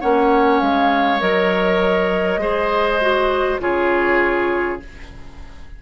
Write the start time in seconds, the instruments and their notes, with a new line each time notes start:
0.00 bassoon A#3, clarinet C#4, oboe C#5, flute F#5
0.60 bassoon G#3, flute F5
1.20 bassoon F#3, clarinet A#4, flute D#5
2.37 bassoon G#3, clarinet G#4, oboe C5
3.00 clarinet F#4
3.60 bassoon C#3, clarinet F4, oboe G#4, flute C#5